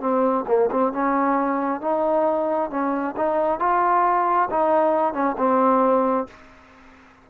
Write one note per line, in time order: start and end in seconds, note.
0.00 0.45 C4
0.47 0.70 A#3
0.71 0.92 C4
0.92 1.81 C#4
1.81 2.70 D#4
2.70 3.15 C#4
3.16 3.59 D#4
3.59 4.49 F4
4.50 5.13 D#4
5.13 5.35 C#4
5.37 6.27 C4